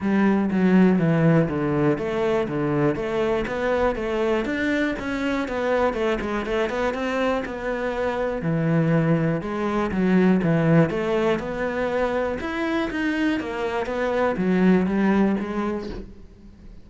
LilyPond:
\new Staff \with { instrumentName = "cello" } { \time 4/4 \tempo 4 = 121 g4 fis4 e4 d4 | a4 d4 a4 b4 | a4 d'4 cis'4 b4 | a8 gis8 a8 b8 c'4 b4~ |
b4 e2 gis4 | fis4 e4 a4 b4~ | b4 e'4 dis'4 ais4 | b4 fis4 g4 gis4 | }